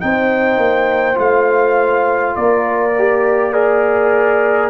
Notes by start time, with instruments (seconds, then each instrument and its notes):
0.00 tuba C4, trombone D#4, horn C5, trumpet G5
0.57 tuba A#3
1.14 tuba A3, trombone F4, trumpet F5
2.36 tuba A#3, horn A#4, trumpet D5
2.98 trombone G4
3.52 trombone G#4, trumpet A#4, horn D5